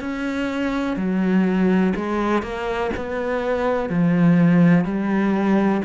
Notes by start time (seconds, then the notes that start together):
0.00 C#4
0.96 F#3
1.95 G#3
2.42 A#3
2.96 B3
3.89 F3
4.84 G3